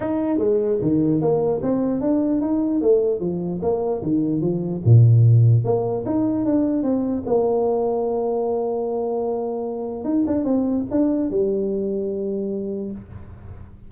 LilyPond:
\new Staff \with { instrumentName = "tuba" } { \time 4/4 \tempo 4 = 149 dis'4 gis4 dis4 ais4 | c'4 d'4 dis'4 a4 | f4 ais4 dis4 f4 | ais,2 ais4 dis'4 |
d'4 c'4 ais2~ | ais1~ | ais4 dis'8 d'8 c'4 d'4 | g1 | }